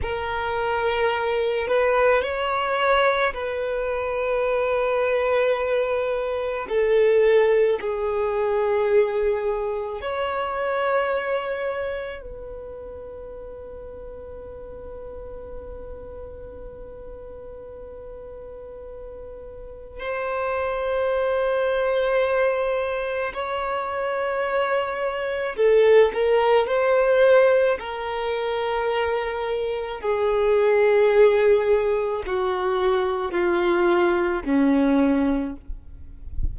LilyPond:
\new Staff \with { instrumentName = "violin" } { \time 4/4 \tempo 4 = 54 ais'4. b'8 cis''4 b'4~ | b'2 a'4 gis'4~ | gis'4 cis''2 b'4~ | b'1~ |
b'2 c''2~ | c''4 cis''2 a'8 ais'8 | c''4 ais'2 gis'4~ | gis'4 fis'4 f'4 cis'4 | }